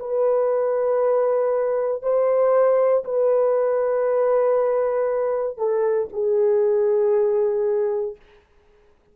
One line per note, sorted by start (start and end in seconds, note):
0.00 2.03 B4
2.03 3.05 C5
3.05 5.58 B4
5.58 6.09 A4
6.13 8.16 G#4